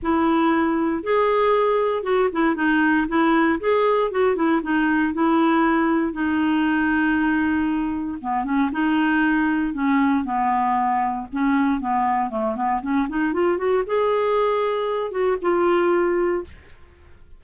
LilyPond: \new Staff \with { instrumentName = "clarinet" } { \time 4/4 \tempo 4 = 117 e'2 gis'2 | fis'8 e'8 dis'4 e'4 gis'4 | fis'8 e'8 dis'4 e'2 | dis'1 |
b8 cis'8 dis'2 cis'4 | b2 cis'4 b4 | a8 b8 cis'8 dis'8 f'8 fis'8 gis'4~ | gis'4. fis'8 f'2 | }